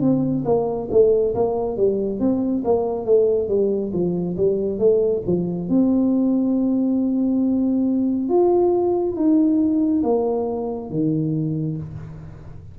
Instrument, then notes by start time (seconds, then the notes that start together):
tuba
0.00 C4
0.45 A#3
0.91 A3
1.35 A#3
1.76 G3
2.19 C4
2.64 A#3
3.05 A3
3.48 G3
3.92 F3
4.37 G3
4.79 A3
5.26 F3
5.68 C4
8.29 F4
9.15 D#4
10.03 A#3
10.90 D#3